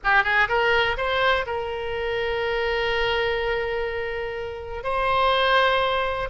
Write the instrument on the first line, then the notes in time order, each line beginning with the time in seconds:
oboe
0.04 G4
0.23 G#4
0.48 A#4
0.97 C5
1.46 A#4
4.83 C5